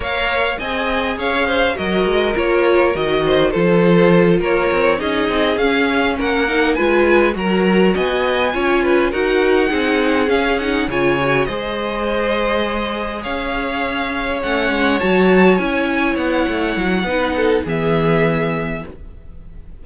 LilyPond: <<
  \new Staff \with { instrumentName = "violin" } { \time 4/4 \tempo 4 = 102 f''4 gis''4 f''4 dis''4 | cis''4 dis''4 c''4. cis''8~ | cis''8 dis''4 f''4 fis''4 gis''8~ | gis''8 ais''4 gis''2 fis''8~ |
fis''4. f''8 fis''8 gis''4 dis''8~ | dis''2~ dis''8 f''4.~ | f''8 fis''4 a''4 gis''4 fis''8~ | fis''2 e''2 | }
  \new Staff \with { instrumentName = "violin" } { \time 4/4 cis''4 dis''4 cis''8 c''8 ais'4~ | ais'4. c''8 a'4. ais'8~ | ais'8 gis'2 ais'4 b'8~ | b'8 ais'4 dis''4 cis''8 b'8 ais'8~ |
ais'8 gis'2 cis''4 c''8~ | c''2~ c''8 cis''4.~ | cis''1~ | cis''4 b'8 a'8 gis'2 | }
  \new Staff \with { instrumentName = "viola" } { \time 4/4 ais'4 gis'2 fis'4 | f'4 fis'4 f'2~ | f'8 dis'4 cis'4. dis'8 f'8~ | f'8 fis'2 f'4 fis'8~ |
fis'8 dis'4 cis'8 dis'8 f'8 fis'8 gis'8~ | gis'1~ | gis'8 cis'4 fis'4 e'4.~ | e'4 dis'4 b2 | }
  \new Staff \with { instrumentName = "cello" } { \time 4/4 ais4 c'4 cis'4 fis8 gis8 | ais4 dis4 f4. ais8 | c'8 cis'8 c'8 cis'4 ais4 gis8~ | gis8 fis4 b4 cis'4 dis'8~ |
dis'8 c'4 cis'4 cis4 gis8~ | gis2~ gis8 cis'4.~ | cis'8 a8 gis8 fis4 cis'4 b8 | a8 fis8 b4 e2 | }
>>